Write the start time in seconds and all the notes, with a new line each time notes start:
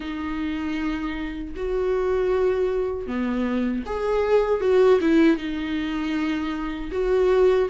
0.00 D#4
1.56 F#4
3.06 B3
3.85 G#4
4.60 F#4
5.00 E4
5.37 D#4
6.91 F#4